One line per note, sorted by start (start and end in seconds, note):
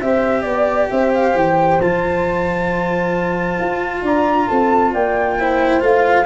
0.00 0.44 C4
0.00 1.80 G4
0.00 0.45 C5
0.00 0.42 E5
0.42 0.89 B3
0.42 0.86 D5
0.42 0.91 D5
0.90 1.35 C4
0.90 4.03 C5
0.90 1.12 E5
1.14 1.36 F5
1.35 1.79 E3
1.35 1.81 G5
1.80 3.59 F3
1.80 5.39 F4
1.80 4.05 A5
3.60 4.02 F4
4.02 4.47 D4
4.02 4.48 D5
4.02 4.47 A#5
4.47 4.94 C4
4.47 4.93 A4
4.47 4.92 A5
4.93 5.82 A#3
4.93 5.37 D5
4.93 5.83 G5
5.39 5.80 E4
5.39 6.26 C5
5.80 6.26 A3
5.80 6.25 F4
5.80 6.26 F5